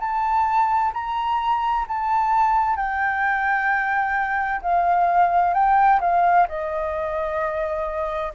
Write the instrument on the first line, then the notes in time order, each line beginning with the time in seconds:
flute
0.00 A5
0.94 A#5
1.88 A5
2.77 G5
4.62 F5
5.54 G5
6.01 F5
6.49 D#5